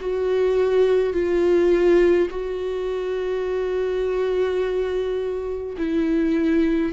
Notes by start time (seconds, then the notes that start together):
0.00 F#4
1.13 F4
2.30 F#4
5.77 E4